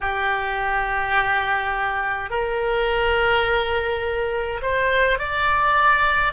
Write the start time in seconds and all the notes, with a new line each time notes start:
0.01 G4
2.30 A#4
4.62 C5
5.18 D5